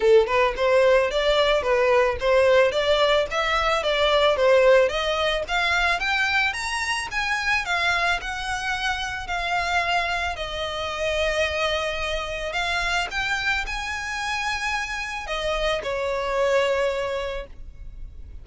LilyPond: \new Staff \with { instrumentName = "violin" } { \time 4/4 \tempo 4 = 110 a'8 b'8 c''4 d''4 b'4 | c''4 d''4 e''4 d''4 | c''4 dis''4 f''4 g''4 | ais''4 gis''4 f''4 fis''4~ |
fis''4 f''2 dis''4~ | dis''2. f''4 | g''4 gis''2. | dis''4 cis''2. | }